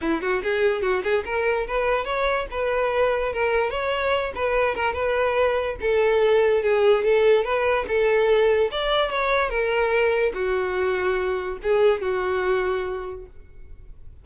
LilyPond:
\new Staff \with { instrumentName = "violin" } { \time 4/4 \tempo 4 = 145 e'8 fis'8 gis'4 fis'8 gis'8 ais'4 | b'4 cis''4 b'2 | ais'4 cis''4. b'4 ais'8 | b'2 a'2 |
gis'4 a'4 b'4 a'4~ | a'4 d''4 cis''4 ais'4~ | ais'4 fis'2. | gis'4 fis'2. | }